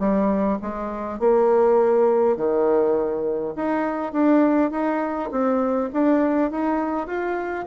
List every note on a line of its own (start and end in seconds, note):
0.00 0.59 G3
0.63 1.20 G#3
1.20 2.37 A#3
2.37 3.55 D#3
3.56 4.13 D#4
4.13 4.72 D4
4.72 5.30 D#4
5.32 5.91 C4
5.93 6.51 D4
6.51 7.07 D#4
7.07 7.66 F4